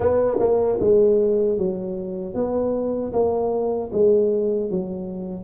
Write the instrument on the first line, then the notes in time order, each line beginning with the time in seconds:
tuba
0.00 B3
0.39 A#3
0.80 G#3
1.58 F#3
2.34 B3
3.12 A#3
3.92 G#3
4.70 F#3